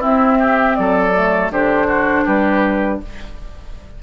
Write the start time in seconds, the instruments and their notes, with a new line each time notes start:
0.00 clarinet C4, bassoon C4, oboe E4, flute E5
0.40 oboe G4
0.76 bassoon F#3, oboe A4, flute D5
1.15 clarinet A3
1.50 bassoon D3, clarinet D4, oboe G4, flute C5
1.88 oboe F#4
2.25 bassoon G3, oboe G4, flute B4